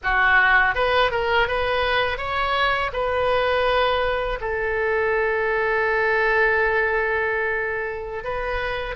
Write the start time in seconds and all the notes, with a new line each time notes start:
0.03 F#4
0.75 B4
1.11 A#4
1.47 B4
2.17 C#5
2.93 B4
4.40 A4
8.24 B4